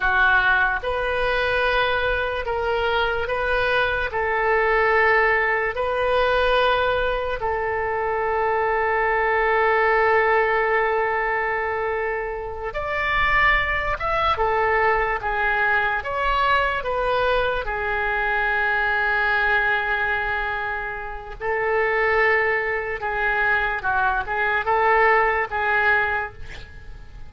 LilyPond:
\new Staff \with { instrumentName = "oboe" } { \time 4/4 \tempo 4 = 73 fis'4 b'2 ais'4 | b'4 a'2 b'4~ | b'4 a'2.~ | a'2.~ a'8 d''8~ |
d''4 e''8 a'4 gis'4 cis''8~ | cis''8 b'4 gis'2~ gis'8~ | gis'2 a'2 | gis'4 fis'8 gis'8 a'4 gis'4 | }